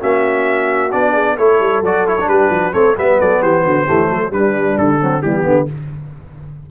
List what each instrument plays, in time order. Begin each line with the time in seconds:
0.00 tuba A#3, trombone C#4, horn F#4, trumpet E5
0.92 tuba B3, trombone D4, trumpet D5
1.13 horn G#4
1.38 tuba A3, trombone E4, horn A4, trumpet C#5
1.60 tuba G3
1.82 tuba F#3, trombone F#4, trumpet D5
2.08 trombone E4, trumpet C#5
2.21 tuba G3, trombone D4
2.29 horn G4, trumpet B4
2.50 tuba F3, horn F#4
2.73 tuba A3, trombone C4, horn A4, trumpet C#5
2.96 tuba G3, trombone B3, horn B4, trumpet E5
3.21 tuba F#3, horn A4, trumpet D5
3.41 tuba E3, horn G4, trumpet C5
3.65 tuba D3, horn F#4
3.86 tuba E3, trombone A3, horn G4
4.09 tuba F#3, horn A4
4.31 tuba G3, trombone G3, horn D4, trumpet B4
4.78 tuba D3, trumpet A4
5.01 trombone F#3, horn C4
5.22 tuba E3, trombone G3, horn B3, trumpet G4
5.44 tuba D3, trombone B3